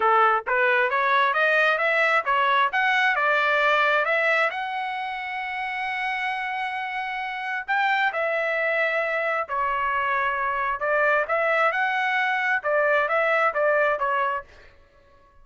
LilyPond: \new Staff \with { instrumentName = "trumpet" } { \time 4/4 \tempo 4 = 133 a'4 b'4 cis''4 dis''4 | e''4 cis''4 fis''4 d''4~ | d''4 e''4 fis''2~ | fis''1~ |
fis''4 g''4 e''2~ | e''4 cis''2. | d''4 e''4 fis''2 | d''4 e''4 d''4 cis''4 | }